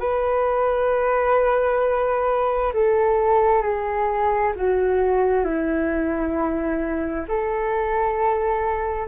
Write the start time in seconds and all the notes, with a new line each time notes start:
0.00 B4
2.74 A4
3.62 G#4
4.56 F#4
5.44 E4
7.29 A4